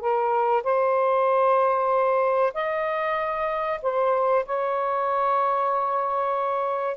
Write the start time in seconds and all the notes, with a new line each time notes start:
0.00 A#4
0.63 C5
2.53 D#5
3.82 C5
4.46 C#5